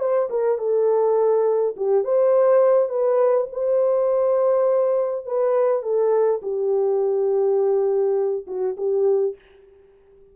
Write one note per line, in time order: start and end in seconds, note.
0.00 0.29 C5
0.30 0.59 A#4
0.59 1.75 A4
1.77 2.04 G4
2.04 2.89 C5
2.89 3.47 B4
3.52 5.26 C5
5.26 5.83 B4
5.83 6.41 A4
6.42 8.46 G4
8.47 8.76 F#4
8.77 9.35 G4